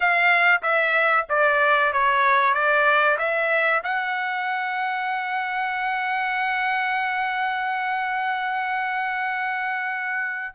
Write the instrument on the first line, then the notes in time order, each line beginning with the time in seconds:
trumpet
0.00 F5
0.62 E5
1.29 D5
1.93 C#5
2.54 D5
3.18 E5
3.83 F#5